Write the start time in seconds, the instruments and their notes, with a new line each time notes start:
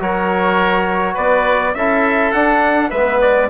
0.00 bassoon F#3, trombone F#4, oboe A#4, trumpet C#5
1.15 bassoon B3, oboe B4, trumpet D5
1.75 bassoon C#4, trombone E4, oboe A4, trumpet E5
2.32 bassoon D4, trombone D4, trumpet F#5
2.90 bassoon G#3, trombone B3, oboe B4, trumpet E5
3.22 trumpet D5